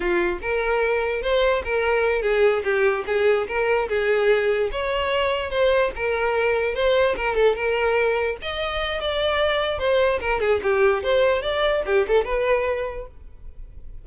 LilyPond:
\new Staff \with { instrumentName = "violin" } { \time 4/4 \tempo 4 = 147 f'4 ais'2 c''4 | ais'4. gis'4 g'4 gis'8~ | gis'8 ais'4 gis'2 cis''8~ | cis''4. c''4 ais'4.~ |
ais'8 c''4 ais'8 a'8 ais'4.~ | ais'8 dis''4. d''2 | c''4 ais'8 gis'8 g'4 c''4 | d''4 g'8 a'8 b'2 | }